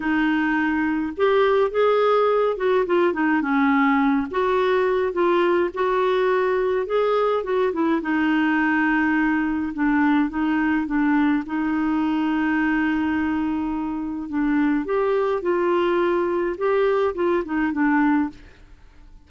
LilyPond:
\new Staff \with { instrumentName = "clarinet" } { \time 4/4 \tempo 4 = 105 dis'2 g'4 gis'4~ | gis'8 fis'8 f'8 dis'8 cis'4. fis'8~ | fis'4 f'4 fis'2 | gis'4 fis'8 e'8 dis'2~ |
dis'4 d'4 dis'4 d'4 | dis'1~ | dis'4 d'4 g'4 f'4~ | f'4 g'4 f'8 dis'8 d'4 | }